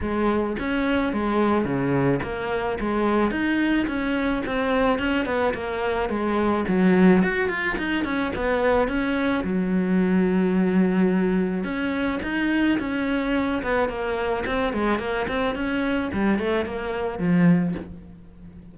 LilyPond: \new Staff \with { instrumentName = "cello" } { \time 4/4 \tempo 4 = 108 gis4 cis'4 gis4 cis4 | ais4 gis4 dis'4 cis'4 | c'4 cis'8 b8 ais4 gis4 | fis4 fis'8 f'8 dis'8 cis'8 b4 |
cis'4 fis2.~ | fis4 cis'4 dis'4 cis'4~ | cis'8 b8 ais4 c'8 gis8 ais8 c'8 | cis'4 g8 a8 ais4 f4 | }